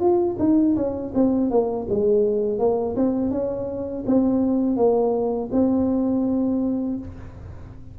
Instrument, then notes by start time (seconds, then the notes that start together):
tuba
0.00 F4
0.39 D#4
0.76 C#4
1.14 C4
1.50 A#3
1.89 G#3
2.59 A#3
2.96 C4
3.31 C#4
4.06 C4
4.77 A#3
5.52 C4